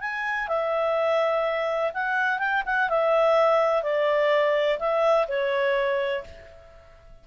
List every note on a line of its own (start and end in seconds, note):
0.00 0.48 G#5
0.48 1.92 E5
1.93 2.38 F#5
2.38 2.62 G5
2.65 2.89 F#5
2.89 3.82 E5
3.82 4.78 D5
4.79 5.27 E5
5.28 6.24 C#5